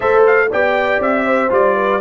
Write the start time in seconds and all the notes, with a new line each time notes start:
0.00 A3 A4 C5 E5
0.26 F5
0.50 B3 G4 D5 G5
0.99 C4 E5
1.25 C5
1.49 G3 F4 D5
1.75 B4